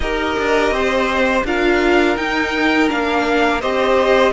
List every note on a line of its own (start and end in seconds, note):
0.00 0.35 D#4
0.00 1.45 G4
0.00 0.73 A#4
0.00 1.42 D#5
0.38 0.70 D4
0.70 1.43 C4
0.70 1.45 C5
1.44 2.16 D4
1.44 2.16 F4
1.44 3.60 A#4
1.44 2.17 F5
2.16 2.88 D#4
2.16 2.89 D#4
2.16 2.89 G5
2.89 3.62 A#3
2.89 3.61 D4
2.89 3.61 F5
3.60 4.33 C4
3.60 4.33 G4
3.60 4.33 C5
3.60 4.33 D#5